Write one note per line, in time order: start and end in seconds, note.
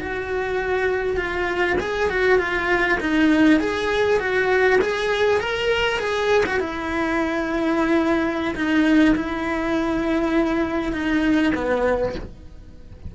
0.00 1.17 F#4
1.17 1.77 F4
1.80 2.09 G#4
2.09 2.38 F#4
2.38 2.98 F4
3.00 3.60 D#4
3.60 4.19 G#4
4.19 4.79 F#4
4.81 5.41 G#4
5.41 5.99 A#4
5.99 6.44 G#4
6.46 6.60 F#4
6.60 8.55 E4
8.55 9.15 D#4
9.16 10.93 E4
10.93 11.53 D#4
11.55 12.15 B3